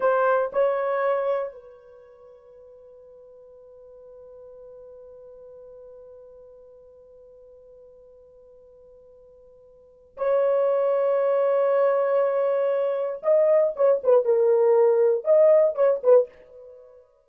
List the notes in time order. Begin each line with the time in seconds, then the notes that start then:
0.00 C5
0.52 C#5
1.52 B4
10.17 C#5
13.22 D#5
13.76 C#5
14.03 B4
14.24 A#4
15.24 D#5
15.75 C#5
16.03 B4